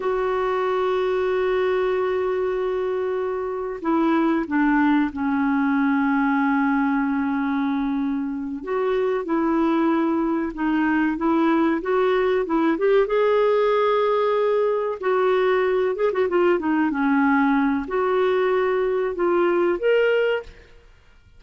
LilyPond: \new Staff \with { instrumentName = "clarinet" } { \time 4/4 \tempo 4 = 94 fis'1~ | fis'2 e'4 d'4 | cis'1~ | cis'4. fis'4 e'4.~ |
e'8 dis'4 e'4 fis'4 e'8 | g'8 gis'2. fis'8~ | fis'4 gis'16 fis'16 f'8 dis'8 cis'4. | fis'2 f'4 ais'4 | }